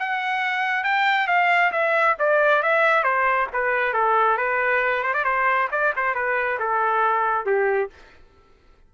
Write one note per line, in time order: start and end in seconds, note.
0.00 0.84 F#5
0.84 1.28 G5
1.28 1.72 F5
1.72 2.17 E5
2.19 2.63 D5
2.63 3.04 E5
3.04 3.48 C5
3.54 3.94 B4
3.94 4.38 A4
4.38 5.04 B4
5.04 5.14 C5
5.14 5.25 D5
5.25 5.69 C5
5.72 5.94 D5
5.97 6.15 C5
6.15 6.59 B4
6.60 7.46 A4
7.46 7.91 G4